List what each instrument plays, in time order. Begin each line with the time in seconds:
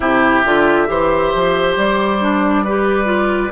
0.00 bassoon C3, clarinet E4, oboe G4, flute E5
0.44 bassoon D3, clarinet F4
0.86 bassoon E3, clarinet G4, oboe C5
1.35 bassoon F3
1.76 bassoon G3, flute D5
2.20 clarinet D4
2.64 clarinet G4, oboe B4
3.04 clarinet F4